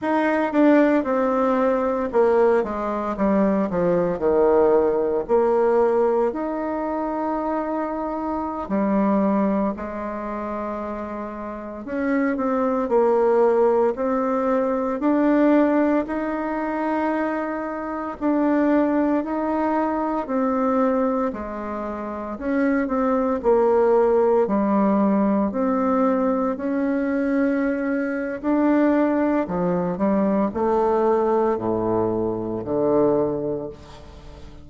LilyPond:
\new Staff \with { instrumentName = "bassoon" } { \time 4/4 \tempo 4 = 57 dis'8 d'8 c'4 ais8 gis8 g8 f8 | dis4 ais4 dis'2~ | dis'16 g4 gis2 cis'8 c'16~ | c'16 ais4 c'4 d'4 dis'8.~ |
dis'4~ dis'16 d'4 dis'4 c'8.~ | c'16 gis4 cis'8 c'8 ais4 g8.~ | g16 c'4 cis'4.~ cis'16 d'4 | f8 g8 a4 a,4 d4 | }